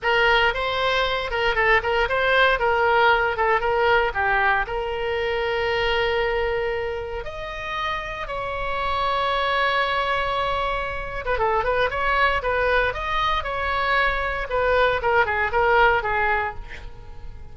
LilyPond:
\new Staff \with { instrumentName = "oboe" } { \time 4/4 \tempo 4 = 116 ais'4 c''4. ais'8 a'8 ais'8 | c''4 ais'4. a'8 ais'4 | g'4 ais'2.~ | ais'2 dis''2 |
cis''1~ | cis''4.~ cis''16 b'16 a'8 b'8 cis''4 | b'4 dis''4 cis''2 | b'4 ais'8 gis'8 ais'4 gis'4 | }